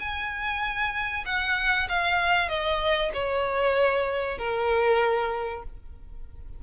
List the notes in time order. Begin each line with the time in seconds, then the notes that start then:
0.00 G#5
1.26 F#5
1.89 F5
2.49 D#5
3.14 C#5
4.39 A#4